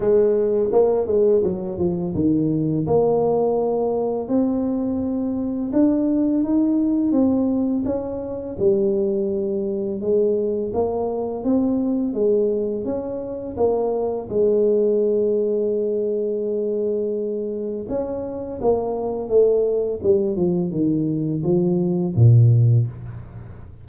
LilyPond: \new Staff \with { instrumentName = "tuba" } { \time 4/4 \tempo 4 = 84 gis4 ais8 gis8 fis8 f8 dis4 | ais2 c'2 | d'4 dis'4 c'4 cis'4 | g2 gis4 ais4 |
c'4 gis4 cis'4 ais4 | gis1~ | gis4 cis'4 ais4 a4 | g8 f8 dis4 f4 ais,4 | }